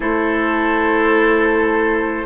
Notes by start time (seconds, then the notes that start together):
0.00 A3 E4 A4 C5